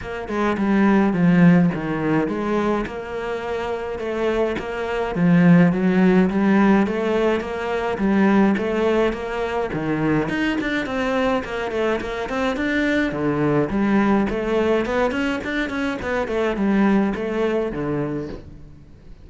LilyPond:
\new Staff \with { instrumentName = "cello" } { \time 4/4 \tempo 4 = 105 ais8 gis8 g4 f4 dis4 | gis4 ais2 a4 | ais4 f4 fis4 g4 | a4 ais4 g4 a4 |
ais4 dis4 dis'8 d'8 c'4 | ais8 a8 ais8 c'8 d'4 d4 | g4 a4 b8 cis'8 d'8 cis'8 | b8 a8 g4 a4 d4 | }